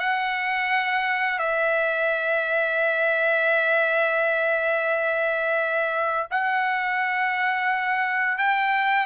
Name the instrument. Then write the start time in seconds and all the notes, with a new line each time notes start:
trumpet
0.00 F#5
1.39 E5
6.31 F#5
8.38 G5